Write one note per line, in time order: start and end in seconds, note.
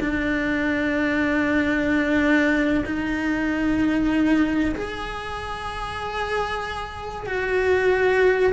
0.00 2.84 D4
2.85 4.75 D#4
4.75 7.26 G#4
7.26 8.53 F#4